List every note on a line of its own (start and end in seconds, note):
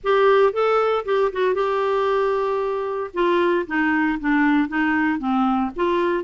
0.03 0.52 G4
0.52 1.05 A4
1.05 1.31 G4
1.32 1.54 F#4
1.54 3.10 G4
3.13 3.65 F4
3.66 4.19 D#4
4.20 4.68 D4
4.68 5.18 D#4
5.18 5.70 C4
5.75 6.23 F4